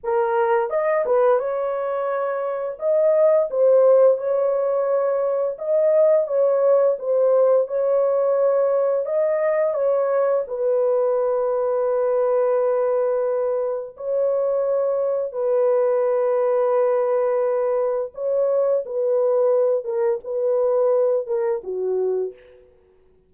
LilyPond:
\new Staff \with { instrumentName = "horn" } { \time 4/4 \tempo 4 = 86 ais'4 dis''8 b'8 cis''2 | dis''4 c''4 cis''2 | dis''4 cis''4 c''4 cis''4~ | cis''4 dis''4 cis''4 b'4~ |
b'1 | cis''2 b'2~ | b'2 cis''4 b'4~ | b'8 ais'8 b'4. ais'8 fis'4 | }